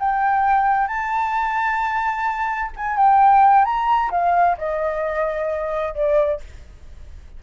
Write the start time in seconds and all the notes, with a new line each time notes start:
0.00 G5
0.88 A5
2.77 G#5
2.97 G5
3.65 A#5
4.11 F5
4.58 D#5
5.95 D5